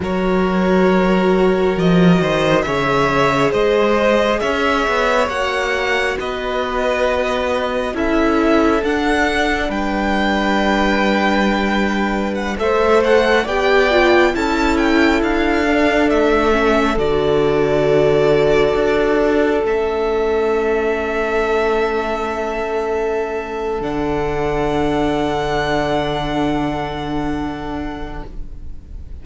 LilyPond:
<<
  \new Staff \with { instrumentName = "violin" } { \time 4/4 \tempo 4 = 68 cis''2 dis''4 e''4 | dis''4 e''4 fis''4 dis''4~ | dis''4 e''4 fis''4 g''4~ | g''2 fis''16 e''8 fis''8 g''8.~ |
g''16 a''8 g''8 f''4 e''4 d''8.~ | d''2~ d''16 e''4.~ e''16~ | e''2. fis''4~ | fis''1 | }
  \new Staff \with { instrumentName = "violin" } { \time 4/4 ais'2~ ais'8 c''8 cis''4 | c''4 cis''2 b'4~ | b'4 a'2 b'4~ | b'2~ b'16 c''4 d''8.~ |
d''16 a'2.~ a'8.~ | a'1~ | a'1~ | a'1 | }
  \new Staff \with { instrumentName = "viola" } { \time 4/4 fis'2. gis'4~ | gis'2 fis'2~ | fis'4 e'4 d'2~ | d'2~ d'16 a'4 g'8 f'16~ |
f'16 e'4. d'4 cis'8 fis'8.~ | fis'2~ fis'16 cis'4.~ cis'16~ | cis'2. d'4~ | d'1 | }
  \new Staff \with { instrumentName = "cello" } { \time 4/4 fis2 f8 dis8 cis4 | gis4 cis'8 b8 ais4 b4~ | b4 cis'4 d'4 g4~ | g2~ g16 a4 b8.~ |
b16 cis'4 d'4 a4 d8.~ | d4~ d16 d'4 a4.~ a16~ | a2. d4~ | d1 | }
>>